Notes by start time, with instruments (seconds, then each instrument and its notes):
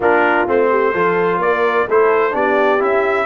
0.00 tuba A#3, trombone D4, horn F4, trumpet A#4
0.47 tuba A3, trombone C4, trumpet C5
0.70 horn G4
0.93 tuba F3, trombone F4, horn A4
1.37 tuba A#3, horn A#4, trumpet D5
1.88 tuba A3, trombone E4, horn A4, trumpet C5
2.31 tuba B3, trombone D4, horn G4, trumpet D5
2.79 tuba C#4, trombone E4, trumpet E5